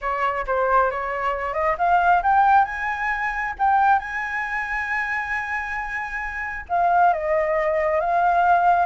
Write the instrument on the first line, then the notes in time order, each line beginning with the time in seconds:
flute
0.01 C#5
0.46 C5
0.91 C#5
1.53 D#5
1.77 F5
2.22 G5
2.64 G#5
3.59 G5
3.99 G#5
6.68 F5
7.13 D#5
8.00 F5